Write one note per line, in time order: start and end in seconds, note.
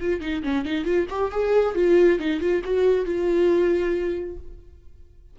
0.00 0.21 F4
0.21 0.43 D#4
0.43 0.65 C#4
0.65 0.85 D#4
0.85 1.07 F4
1.10 1.32 G4
1.32 1.75 G#4
1.75 2.19 F4
2.19 2.40 D#4
2.40 2.62 F4
2.65 3.06 F#4
3.06 4.37 F4